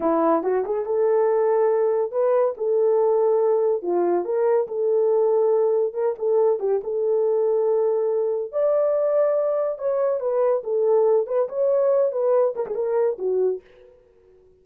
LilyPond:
\new Staff \with { instrumentName = "horn" } { \time 4/4 \tempo 4 = 141 e'4 fis'8 gis'8 a'2~ | a'4 b'4 a'2~ | a'4 f'4 ais'4 a'4~ | a'2 ais'8 a'4 g'8 |
a'1 | d''2. cis''4 | b'4 a'4. b'8 cis''4~ | cis''8 b'4 ais'16 gis'16 ais'4 fis'4 | }